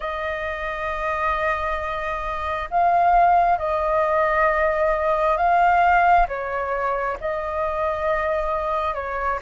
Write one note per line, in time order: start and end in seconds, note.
0.00 2.69 D#5
2.70 3.58 F5
3.58 5.37 D#5
5.37 6.26 F5
6.27 7.17 C#5
7.20 8.94 D#5
8.94 9.39 C#5